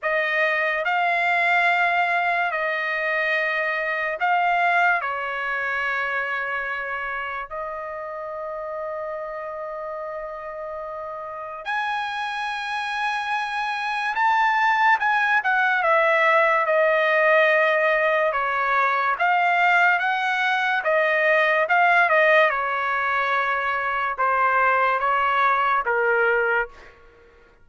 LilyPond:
\new Staff \with { instrumentName = "trumpet" } { \time 4/4 \tempo 4 = 72 dis''4 f''2 dis''4~ | dis''4 f''4 cis''2~ | cis''4 dis''2.~ | dis''2 gis''2~ |
gis''4 a''4 gis''8 fis''8 e''4 | dis''2 cis''4 f''4 | fis''4 dis''4 f''8 dis''8 cis''4~ | cis''4 c''4 cis''4 ais'4 | }